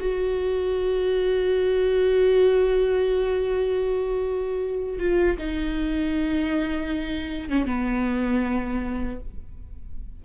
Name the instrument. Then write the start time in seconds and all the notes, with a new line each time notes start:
viola
0.00 F#4
4.99 F4
5.38 D#4
7.49 C#4
7.66 B3